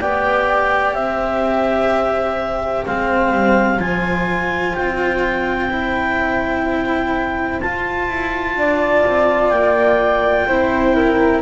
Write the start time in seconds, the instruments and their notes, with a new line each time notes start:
0.00 double bass B3, cello G4, flute D5, clarinet G5
0.94 double bass C4, flute C5, clarinet E5
2.87 double bass G#3, cello C4, clarinet F5
3.33 double bass G3
3.79 double bass F3, cello F4, clarinet G#5
4.75 double bass C4, clarinet G5
5.71 cello E4
7.61 double bass F4, cello F4, clarinet A5
8.09 double bass E4
8.56 double bass D4, flute D5
9.06 double bass C4
9.50 double bass A#3, clarinet G5
10.47 double bass C4, cello E4, flute C5
10.96 flute A#4